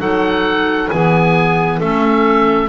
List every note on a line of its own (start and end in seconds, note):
0.00 0.90 F#3
0.00 0.90 D#4
0.00 0.90 A4
0.00 0.90 F#5
0.90 1.81 E3
0.90 1.81 B3
0.90 1.78 G#4
0.90 1.80 G#5
1.78 2.69 A3
1.78 2.69 C#4
1.78 2.68 A4
1.78 2.69 E5